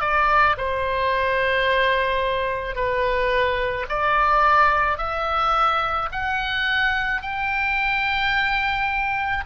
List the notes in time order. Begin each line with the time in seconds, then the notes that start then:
0.00 D5
0.57 C5
2.75 B4
3.89 D5
4.97 E5
6.12 F#5
7.22 G5